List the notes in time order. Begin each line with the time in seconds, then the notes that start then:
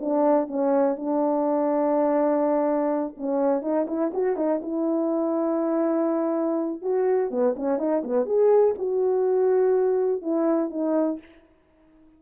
0.00 D4
0.47 C#4
0.96 D4
3.17 C#4
3.62 D#4
3.87 E4
4.14 F#4
4.36 D#4
4.62 E4
6.81 F#4
7.30 B3
7.56 C#4
7.78 D#4
8.03 B3
8.26 G#4
8.78 F#4
10.22 E4
10.70 D#4